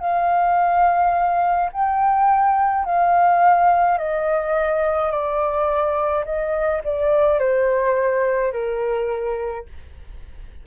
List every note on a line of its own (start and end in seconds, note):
0.00 1.70 F5
1.72 2.85 G5
2.85 3.98 F5
3.98 5.11 D#5
5.11 6.24 D5
6.25 6.81 D#5
6.84 7.39 D5
7.39 8.52 C5
8.52 9.65 A#4